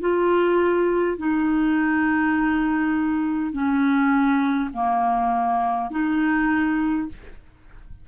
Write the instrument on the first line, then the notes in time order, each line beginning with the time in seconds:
clarinet
0.00 F4
1.18 D#4
3.52 C#4
4.73 A#3
5.90 D#4